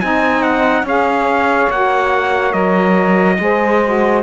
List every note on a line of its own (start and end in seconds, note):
0.00 0.83 C4
0.00 0.86 D#4
0.00 0.83 D#5
0.00 0.42 G#5
0.42 0.84 F#5
0.83 1.67 C#4
0.83 1.71 G#4
0.83 3.36 C#5
0.83 1.71 F5
1.69 2.53 A#3
1.69 2.51 F#4
1.69 2.52 F#5
2.51 3.38 F#3
2.51 3.35 A#4
2.51 4.21 D#5
3.39 4.23 G#3
3.39 3.82 G#4
3.39 4.23 C5
3.85 4.23 F#4